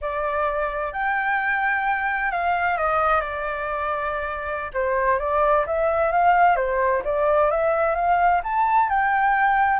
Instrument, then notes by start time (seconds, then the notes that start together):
flute
0.01 D5
0.93 G5
2.31 F5
2.77 D#5
3.21 D5
4.73 C5
5.19 D5
5.66 E5
6.12 F5
6.56 C5
7.04 D5
7.51 E5
7.95 F5
8.43 A5
8.89 G5